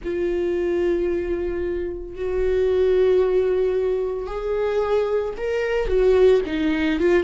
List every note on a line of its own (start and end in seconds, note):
0.03 2.15 F4
2.15 4.27 F#4
4.27 5.34 G#4
5.37 5.87 A#4
5.87 6.40 F#4
6.46 6.99 D#4
6.99 7.23 F4